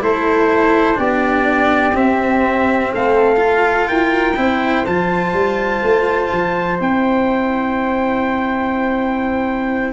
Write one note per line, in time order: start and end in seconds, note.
0.00 0.97 A3
0.00 0.94 E4
0.00 0.98 A4
0.00 0.99 C5
0.94 1.93 B3
0.94 1.91 D4
0.94 2.92 G4
0.94 1.96 D5
1.93 2.90 C4
1.93 3.36 C4
1.93 2.92 E5
2.93 3.90 A3
2.93 3.88 A4
2.93 3.88 F5
3.36 4.32 F4
3.88 4.36 E4
3.88 4.36 A#4
3.88 4.84 G5
4.36 4.85 C4
4.36 4.84 E4
4.36 9.92 C5
4.85 5.33 F3
4.85 6.78 F4
4.85 6.79 A5
5.33 5.81 G3
5.82 6.30 A3
6.31 6.80 F3
6.78 9.92 C4
6.78 9.92 E4
6.78 9.92 G5